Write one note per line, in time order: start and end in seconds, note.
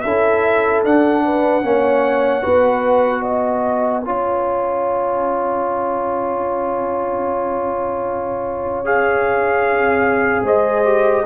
0.00 0.84 C#4
0.00 1.23 A4
0.00 0.80 E5
0.06 0.85 E4
0.84 1.63 D4
0.84 1.62 D4
0.84 3.24 F#5
1.24 1.63 B4
1.62 2.43 A#3
1.62 2.42 C#4
1.62 2.43 C#5
2.42 4.05 B3
2.42 4.02 F#4
2.42 3.22 B4
3.22 4.02 D#5
3.22 8.84 G#5
4.04 10.43 C#4
4.04 8.84 F4
4.04 10.44 C#5
8.84 10.84 G#4
8.84 10.45 F5
10.43 11.23 G#3
10.43 11.24 C5
10.43 11.26 D#5
10.84 11.24 G4